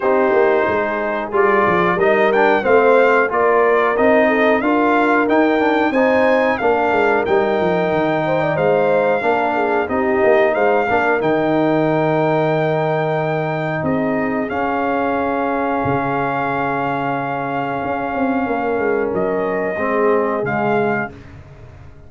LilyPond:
<<
  \new Staff \with { instrumentName = "trumpet" } { \time 4/4 \tempo 4 = 91 c''2 d''4 dis''8 g''8 | f''4 d''4 dis''4 f''4 | g''4 gis''4 f''4 g''4~ | g''4 f''2 dis''4 |
f''4 g''2.~ | g''4 dis''4 f''2~ | f''1~ | f''4 dis''2 f''4 | }
  \new Staff \with { instrumentName = "horn" } { \time 4/4 g'4 gis'2 ais'4 | c''4 ais'4. a'8 ais'4~ | ais'4 c''4 ais'2~ | ais'8 c''16 d''16 c''4 ais'8 gis'8 g'4 |
c''8 ais'2.~ ais'8~ | ais'4 gis'2.~ | gis'1 | ais'2 gis'2 | }
  \new Staff \with { instrumentName = "trombone" } { \time 4/4 dis'2 f'4 dis'8 d'8 | c'4 f'4 dis'4 f'4 | dis'8 d'8 dis'4 d'4 dis'4~ | dis'2 d'4 dis'4~ |
dis'8 d'8 dis'2.~ | dis'2 cis'2~ | cis'1~ | cis'2 c'4 gis4 | }
  \new Staff \with { instrumentName = "tuba" } { \time 4/4 c'8 ais8 gis4 g8 f8 g4 | a4 ais4 c'4 d'4 | dis'4 c'4 ais8 gis8 g8 f8 | dis4 gis4 ais4 c'8 ais8 |
gis8 ais8 dis2.~ | dis4 c'4 cis'2 | cis2. cis'8 c'8 | ais8 gis8 fis4 gis4 cis4 | }
>>